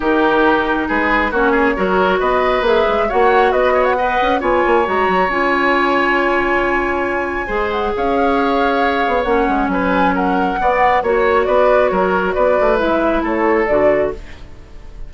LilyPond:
<<
  \new Staff \with { instrumentName = "flute" } { \time 4/4 \tempo 4 = 136 ais'2 b'4 cis''4~ | cis''4 dis''4 e''4 fis''4 | dis''8. fis''4~ fis''16 gis''4 ais''4 | gis''1~ |
gis''4. fis''8 f''2~ | f''4 fis''4 gis''4 fis''4~ | fis''4 cis''4 d''4 cis''4 | d''4 e''4 cis''4 d''4 | }
  \new Staff \with { instrumentName = "oboe" } { \time 4/4 g'2 gis'4 fis'8 gis'8 | ais'4 b'2 cis''4 | b'8 cis''8 dis''4 cis''2~ | cis''1~ |
cis''4 c''4 cis''2~ | cis''2 b'4 ais'4 | d''4 cis''4 b'4 ais'4 | b'2 a'2 | }
  \new Staff \with { instrumentName = "clarinet" } { \time 4/4 dis'2. cis'4 | fis'2 gis'4 fis'4~ | fis'4 b'4 f'4 fis'4 | f'1~ |
f'4 gis'2.~ | gis'4 cis'2. | b4 fis'2.~ | fis'4 e'2 fis'4 | }
  \new Staff \with { instrumentName = "bassoon" } { \time 4/4 dis2 gis4 ais4 | fis4 b4 ais8 gis8 ais4 | b4. cis'8 b8 ais8 gis8 fis8 | cis'1~ |
cis'4 gis4 cis'2~ | cis'8 b8 ais8 gis8 fis2 | b4 ais4 b4 fis4 | b8 a8 gis4 a4 d4 | }
>>